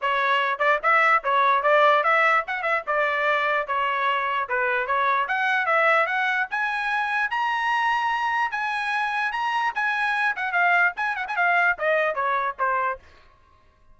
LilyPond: \new Staff \with { instrumentName = "trumpet" } { \time 4/4 \tempo 4 = 148 cis''4. d''8 e''4 cis''4 | d''4 e''4 fis''8 e''8 d''4~ | d''4 cis''2 b'4 | cis''4 fis''4 e''4 fis''4 |
gis''2 ais''2~ | ais''4 gis''2 ais''4 | gis''4. fis''8 f''4 gis''8 fis''16 gis''16 | f''4 dis''4 cis''4 c''4 | }